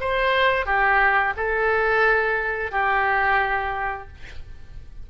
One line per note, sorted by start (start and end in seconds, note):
0.00 0.66 C5
0.66 1.34 G4
1.36 2.71 A4
2.71 4.08 G4